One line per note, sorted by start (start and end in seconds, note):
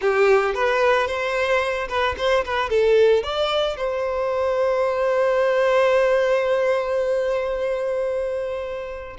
0.01 0.54 G4
0.54 1.07 B4
1.07 1.88 C5
1.88 2.15 B4
2.17 2.44 C5
2.44 2.69 B4
2.69 3.23 A4
3.23 3.76 D5
3.76 9.17 C5